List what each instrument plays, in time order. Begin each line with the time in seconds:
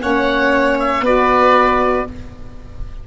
0.00 tuba A#3, saxophone C#4, violin C#5, oboe F#5
0.79 oboe E5
1.01 tuba B3, saxophone F#4, violin B4, oboe D5